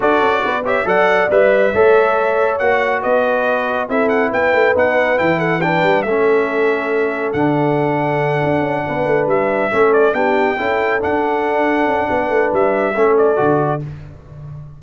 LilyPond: <<
  \new Staff \with { instrumentName = "trumpet" } { \time 4/4 \tempo 4 = 139 d''4. e''8 fis''4 e''4~ | e''2 fis''4 dis''4~ | dis''4 e''8 fis''8 g''4 fis''4 | g''8 fis''8 g''4 e''2~ |
e''4 fis''2.~ | fis''4. e''4. d''8 g''8~ | g''4. fis''2~ fis''8~ | fis''4 e''4. d''4. | }
  \new Staff \with { instrumentName = "horn" } { \time 4/4 a'4 b'8 cis''8 d''2 | cis''2. b'4~ | b'4 a'4 b'2~ | b'8 a'8 b'4 a'2~ |
a'1~ | a'8 b'2 a'4 g'8~ | g'8 a'2.~ a'8 | b'2 a'2 | }
  \new Staff \with { instrumentName = "trombone" } { \time 4/4 fis'4. g'8 a'4 b'4 | a'2 fis'2~ | fis'4 e'2 dis'4 | e'4 d'4 cis'2~ |
cis'4 d'2.~ | d'2~ d'8 cis'4 d'8~ | d'8 e'4 d'2~ d'8~ | d'2 cis'4 fis'4 | }
  \new Staff \with { instrumentName = "tuba" } { \time 4/4 d'8 cis'8 b4 fis4 g4 | a2 ais4 b4~ | b4 c'4 b8 a8 b4 | e4. g8 a2~ |
a4 d2~ d8 d'8 | cis'8 b8 a8 g4 a4 b8~ | b8 cis'4 d'2 cis'8 | b8 a8 g4 a4 d4 | }
>>